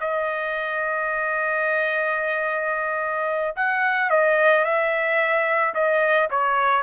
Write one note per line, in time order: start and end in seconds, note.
0.00 3.55 D#5
3.56 4.10 F#5
4.10 4.64 D#5
4.64 5.73 E5
5.74 6.29 D#5
6.30 6.82 C#5